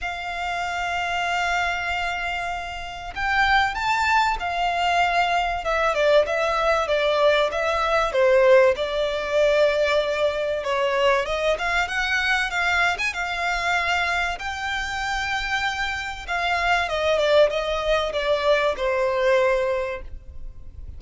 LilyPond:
\new Staff \with { instrumentName = "violin" } { \time 4/4 \tempo 4 = 96 f''1~ | f''4 g''4 a''4 f''4~ | f''4 e''8 d''8 e''4 d''4 | e''4 c''4 d''2~ |
d''4 cis''4 dis''8 f''8 fis''4 | f''8. gis''16 f''2 g''4~ | g''2 f''4 dis''8 d''8 | dis''4 d''4 c''2 | }